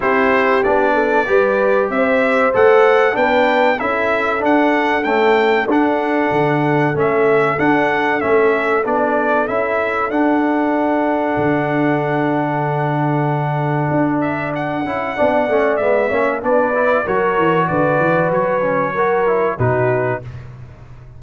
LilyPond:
<<
  \new Staff \with { instrumentName = "trumpet" } { \time 4/4 \tempo 4 = 95 c''4 d''2 e''4 | fis''4 g''4 e''4 fis''4 | g''4 fis''2 e''4 | fis''4 e''4 d''4 e''4 |
fis''1~ | fis''2~ fis''8 e''8 fis''4~ | fis''4 e''4 d''4 cis''4 | d''4 cis''2 b'4 | }
  \new Staff \with { instrumentName = "horn" } { \time 4/4 g'4. a'8 b'4 c''4~ | c''4 b'4 a'2~ | a'1~ | a'1~ |
a'1~ | a'1 | d''4. cis''8 b'4 ais'4 | b'2 ais'4 fis'4 | }
  \new Staff \with { instrumentName = "trombone" } { \time 4/4 e'4 d'4 g'2 | a'4 d'4 e'4 d'4 | a4 d'2 cis'4 | d'4 cis'4 d'4 e'4 |
d'1~ | d'2.~ d'8 e'8 | d'8 cis'8 b8 cis'8 d'8 e'8 fis'4~ | fis'4. cis'8 fis'8 e'8 dis'4 | }
  \new Staff \with { instrumentName = "tuba" } { \time 4/4 c'4 b4 g4 c'4 | a4 b4 cis'4 d'4 | cis'4 d'4 d4 a4 | d'4 a4 b4 cis'4 |
d'2 d2~ | d2 d'4. cis'8 | b8 a8 gis8 ais8 b4 fis8 e8 | d8 e8 fis2 b,4 | }
>>